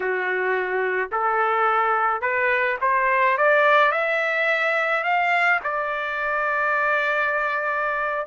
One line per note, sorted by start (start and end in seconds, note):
0.00 1.10 F#4
1.11 2.21 A4
2.21 2.77 B4
2.81 3.37 C5
3.37 3.91 D5
3.91 5.03 E5
5.03 5.59 F5
5.63 8.26 D5